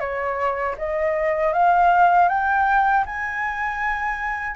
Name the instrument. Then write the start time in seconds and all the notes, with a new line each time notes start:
flute
0.00 C#5
0.78 D#5
1.53 F5
2.29 G5
3.06 G#5